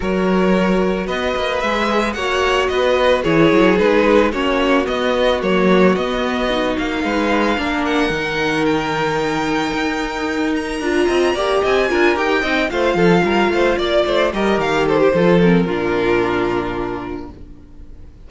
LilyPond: <<
  \new Staff \with { instrumentName = "violin" } { \time 4/4 \tempo 4 = 111 cis''2 dis''4 e''4 | fis''4 dis''4 cis''4 b'4 | cis''4 dis''4 cis''4 dis''4~ | dis''8 f''2 fis''4. |
g''2.~ g''8 ais''8~ | ais''4. gis''4 g''4 f''8~ | f''4. d''4 dis''8 f''8 c''8~ | c''8 ais'2.~ ais'8 | }
  \new Staff \with { instrumentName = "violin" } { \time 4/4 ais'2 b'2 | cis''4 b'4 gis'2 | fis'1~ | fis'4 b'4 ais'2~ |
ais'1~ | ais'8 dis''8 d''8 dis''8 ais'4 dis''8 c''8 | a'8 ais'8 c''8 d''8 c''8 ais'4 a'16 g'16 | a'4 f'2. | }
  \new Staff \with { instrumentName = "viola" } { \time 4/4 fis'2. gis'4 | fis'2 e'4 dis'4 | cis'4 b4 ais4 b4 | dis'2 d'4 dis'4~ |
dis'1 | f'4 g'4 f'8 g'8 dis'8 f'8~ | f'2~ f'8 g'4. | f'8 c'8 d'2. | }
  \new Staff \with { instrumentName = "cello" } { \time 4/4 fis2 b8 ais8 gis4 | ais4 b4 e8 fis8 gis4 | ais4 b4 fis4 b4~ | b8 ais8 gis4 ais4 dis4~ |
dis2 dis'2 | d'8 c'8 ais8 c'8 d'8 dis'8 c'8 a8 | f8 g8 a8 ais8 a8 g8 dis4 | f4 ais,2. | }
>>